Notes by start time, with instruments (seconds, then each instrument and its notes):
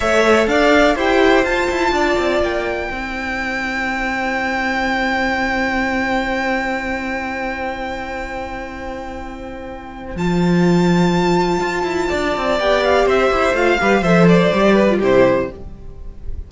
0.00 cello A3, viola A4, violin C#5 E5
0.47 cello D4, violin D5 F5
0.95 cello E4, viola G4, violin C5 G5
1.44 cello F4, viola F4, violin A5
1.70 cello E4
1.91 cello D4, violin D5
2.18 cello C4
2.41 cello A#3, violin G5
2.90 cello C4, viola E4, violin C5
10.15 cello F3, viola F4, violin A5
11.60 cello F4
11.83 cello E4
12.09 cello D4, violin D5
12.36 cello C4
12.59 cello B3, viola G4, violin G5
12.83 violin F5
13.06 cello C4, violin C5 E5
13.31 cello E4
13.53 cello A3, viola F4, violin F5
13.79 cello G3, viola G4, violin B4
14.01 cello F3, viola A4, violin C5 E5
14.28 violin D5
14.52 cello G3, viola G4
14.73 violin B4
14.89 viola F4
14.99 cello C3, viola E4, violin G4 C5